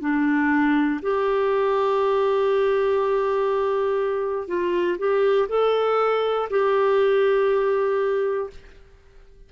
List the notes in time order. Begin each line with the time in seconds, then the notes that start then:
0.00 D4
1.01 G4
4.47 F4
4.98 G4
5.48 A4
6.50 G4